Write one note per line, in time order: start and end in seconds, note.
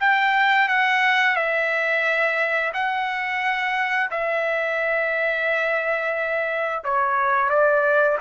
0.00 0.68 G5
0.68 1.36 F#5
1.36 2.72 E5
2.74 4.10 F#5
4.11 6.84 E5
6.84 7.50 C#5
7.50 8.18 D5